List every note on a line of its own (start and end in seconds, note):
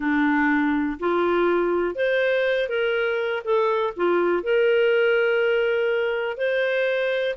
0.00 0.98 D4
0.99 1.95 F4
1.95 2.68 C5
2.68 3.42 A#4
3.44 3.93 A4
3.96 4.43 F4
4.43 6.37 A#4
6.37 7.35 C5